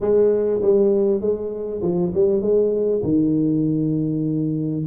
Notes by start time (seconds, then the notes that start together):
0.00 G#3
0.61 G3
1.20 G#3
1.82 F3
2.14 G3
2.41 G#3
3.03 D#3